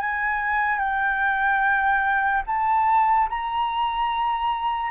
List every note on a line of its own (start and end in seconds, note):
0.00 0.78 G#5
0.78 2.43 G5
2.47 3.29 A5
3.29 4.91 A#5